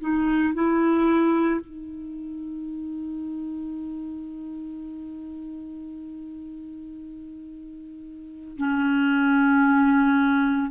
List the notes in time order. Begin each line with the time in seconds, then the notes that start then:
0.00 D#4
0.54 E4
1.60 D#4
8.57 C#4